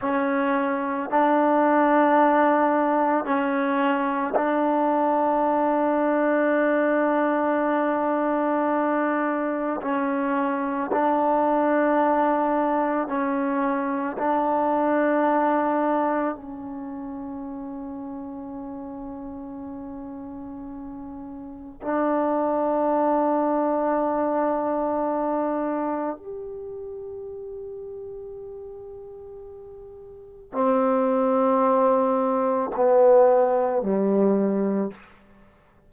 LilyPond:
\new Staff \with { instrumentName = "trombone" } { \time 4/4 \tempo 4 = 55 cis'4 d'2 cis'4 | d'1~ | d'4 cis'4 d'2 | cis'4 d'2 cis'4~ |
cis'1 | d'1 | g'1 | c'2 b4 g4 | }